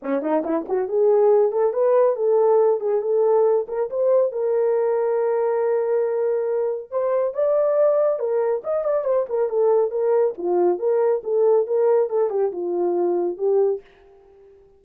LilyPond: \new Staff \with { instrumentName = "horn" } { \time 4/4 \tempo 4 = 139 cis'8 dis'8 e'8 fis'8 gis'4. a'8 | b'4 a'4. gis'8 a'4~ | a'8 ais'8 c''4 ais'2~ | ais'1 |
c''4 d''2 ais'4 | dis''8 d''8 c''8 ais'8 a'4 ais'4 | f'4 ais'4 a'4 ais'4 | a'8 g'8 f'2 g'4 | }